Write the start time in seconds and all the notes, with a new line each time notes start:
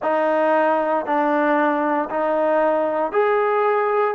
0.02 D#4
1.05 D4
2.09 D#4
3.12 G#4